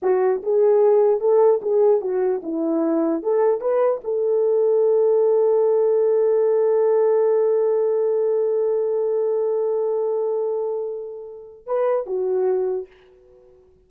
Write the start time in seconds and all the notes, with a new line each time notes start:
0.02 F#4
0.42 G#4
1.20 A4
1.62 G#4
2.01 F#4
2.42 E4
3.23 A4
3.60 B4
4.04 A4
11.66 B4
12.06 F#4